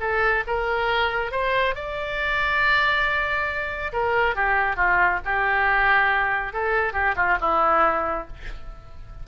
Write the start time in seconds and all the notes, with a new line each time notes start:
0.00 A4
0.47 A#4
1.31 C5
1.75 D5
3.92 A#4
4.35 G4
4.76 F4
5.25 G4
6.53 A4
6.93 G4
7.16 F4
7.40 E4